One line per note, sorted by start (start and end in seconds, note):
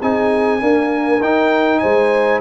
0.00 0.61 C4
0.00 0.60 D#4
0.00 0.61 G#4
0.00 1.22 G#5
0.60 1.20 A#3
0.60 1.20 D4
0.60 1.81 A#4
1.20 1.81 D#4
1.20 2.41 D#4
1.20 1.79 G5
1.79 2.41 G#3
1.79 2.41 C5
1.79 2.39 G#5